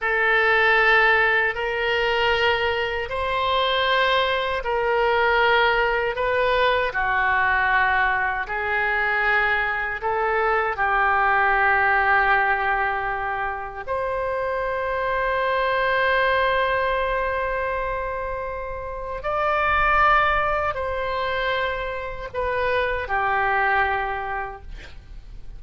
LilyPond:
\new Staff \with { instrumentName = "oboe" } { \time 4/4 \tempo 4 = 78 a'2 ais'2 | c''2 ais'2 | b'4 fis'2 gis'4~ | gis'4 a'4 g'2~ |
g'2 c''2~ | c''1~ | c''4 d''2 c''4~ | c''4 b'4 g'2 | }